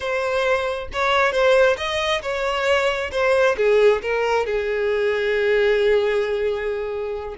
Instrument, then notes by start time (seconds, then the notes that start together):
violin
0.00 C5
0.93 C#5
1.32 C5
1.77 D#5
2.22 C#5
3.11 C5
3.57 G#4
4.02 A#4
4.46 G#4